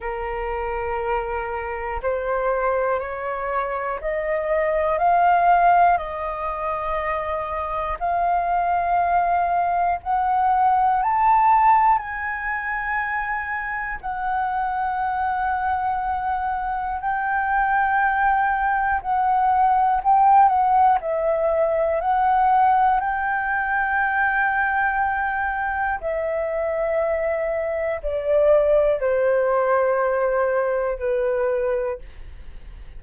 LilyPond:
\new Staff \with { instrumentName = "flute" } { \time 4/4 \tempo 4 = 60 ais'2 c''4 cis''4 | dis''4 f''4 dis''2 | f''2 fis''4 a''4 | gis''2 fis''2~ |
fis''4 g''2 fis''4 | g''8 fis''8 e''4 fis''4 g''4~ | g''2 e''2 | d''4 c''2 b'4 | }